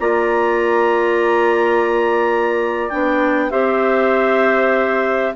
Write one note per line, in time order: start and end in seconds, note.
0.00 2.91 A#3
0.00 2.91 F4
0.00 3.52 D5
0.00 2.89 A#5
2.89 3.52 B3
2.89 3.51 D4
2.89 3.51 G5
3.51 5.35 C4
3.51 5.35 G4
3.51 5.36 C5
3.51 5.34 E5